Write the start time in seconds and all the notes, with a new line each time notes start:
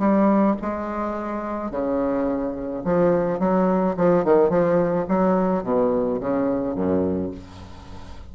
0.00 G3
0.62 G#3
1.71 C#3
2.85 F3
3.40 F#3
3.97 F3
4.25 D#3
4.50 F3
5.09 F#3
5.64 B2
6.21 C#3
6.76 F#2